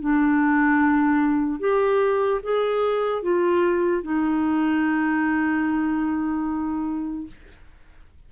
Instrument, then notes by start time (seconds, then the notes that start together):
clarinet
0.00 D4
1.59 G4
2.42 G#4
3.22 F4
4.02 D#4